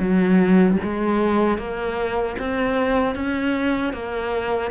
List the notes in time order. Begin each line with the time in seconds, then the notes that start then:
0.00 F#3
0.84 G#3
1.58 A#3
2.39 C4
3.16 C#4
3.94 A#3